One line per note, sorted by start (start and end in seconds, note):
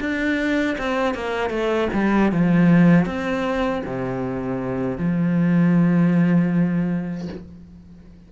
0.00 0.77 D4
0.78 1.14 C4
1.14 1.50 A#3
1.50 1.89 A3
1.94 2.32 G3
2.32 3.06 F3
3.06 3.83 C4
3.86 4.98 C3
4.98 7.29 F3